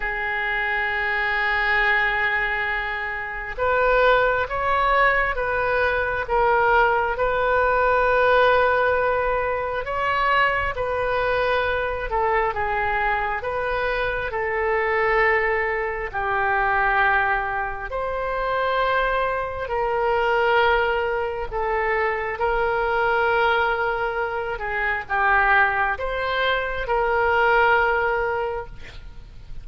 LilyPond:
\new Staff \with { instrumentName = "oboe" } { \time 4/4 \tempo 4 = 67 gis'1 | b'4 cis''4 b'4 ais'4 | b'2. cis''4 | b'4. a'8 gis'4 b'4 |
a'2 g'2 | c''2 ais'2 | a'4 ais'2~ ais'8 gis'8 | g'4 c''4 ais'2 | }